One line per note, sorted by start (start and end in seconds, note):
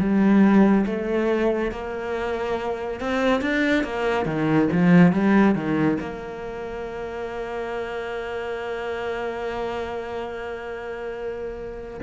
0.00 0.86 G3
0.86 1.72 A3
1.72 3.00 A#3
3.00 3.42 C4
3.42 3.84 D4
3.84 4.26 A#3
4.26 4.69 D#3
4.72 5.13 F3
5.13 5.55 G3
5.55 5.98 D#3
6.01 12.01 A#3